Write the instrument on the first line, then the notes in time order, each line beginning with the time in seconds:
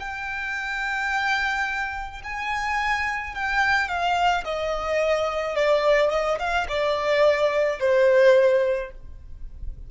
violin
0.00 G5
2.24 G#5
3.35 G5
3.89 F5
4.45 D#5
5.56 D5
6.11 D#5
6.39 F5
6.69 D5
7.80 C5